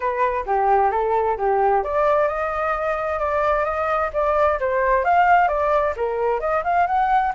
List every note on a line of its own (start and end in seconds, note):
0.00 0.45 B4
0.46 0.91 G4
0.91 1.37 A4
1.37 1.83 G4
1.83 2.28 D5
2.28 3.19 D#5
3.19 3.64 D5
3.64 4.10 D#5
4.13 4.59 D5
4.59 5.04 C5
5.04 5.48 F5
5.48 5.94 D5
5.96 6.40 A#4
6.40 6.63 D#5
6.64 6.87 F5
6.87 7.32 F#5